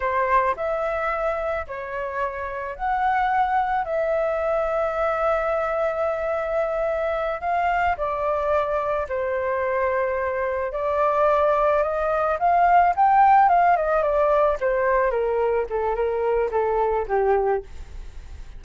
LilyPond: \new Staff \with { instrumentName = "flute" } { \time 4/4 \tempo 4 = 109 c''4 e''2 cis''4~ | cis''4 fis''2 e''4~ | e''1~ | e''4. f''4 d''4.~ |
d''8 c''2. d''8~ | d''4. dis''4 f''4 g''8~ | g''8 f''8 dis''8 d''4 c''4 ais'8~ | ais'8 a'8 ais'4 a'4 g'4 | }